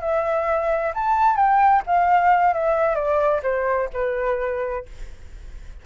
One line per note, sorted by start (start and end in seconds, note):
0.00 0.92 E5
0.94 1.36 A5
1.36 1.82 G5
1.86 2.53 F5
2.53 2.95 E5
2.95 3.41 D5
3.43 3.89 C5
3.93 4.85 B4